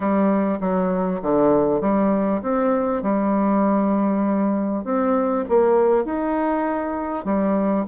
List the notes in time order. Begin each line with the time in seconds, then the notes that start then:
0.00 G3
0.60 F#3
1.22 D3
1.80 G3
2.42 C4
3.02 G3
4.84 C4
5.48 A#3
6.04 D#4
7.24 G3